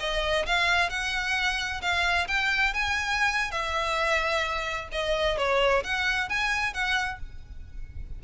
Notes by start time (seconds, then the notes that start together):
0.00 D#5
0.46 F5
0.90 F#5
1.82 F5
2.28 G5
2.74 G#5
3.51 E5
4.92 D#5
5.38 C#5
5.84 F#5
6.29 G#5
6.74 F#5